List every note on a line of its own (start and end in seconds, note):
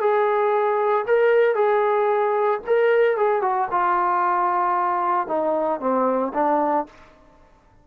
0.00 1.05 G#4
1.07 1.55 A#4
1.55 2.60 G#4
2.67 3.17 A#4
3.17 3.42 G#4
3.42 3.68 F#4
3.71 5.27 F4
5.27 5.80 D#4
5.80 6.33 C4
6.33 6.86 D4